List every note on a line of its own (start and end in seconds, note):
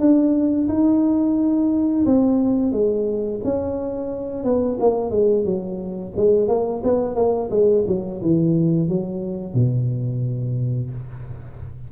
0.00 0.68 D4
0.69 2.05 D#4
2.06 2.72 C4
2.72 3.41 G#3
3.44 4.44 C#4
4.44 4.78 B3
4.80 5.11 A#3
5.11 5.45 G#3
5.45 6.13 F#3
6.16 6.48 G#3
6.48 6.82 A#3
6.84 7.16 B3
7.16 7.50 A#3
7.51 7.85 G#3
7.87 8.22 F#3
8.22 8.89 E3
8.89 9.54 F#3
9.54 10.91 B2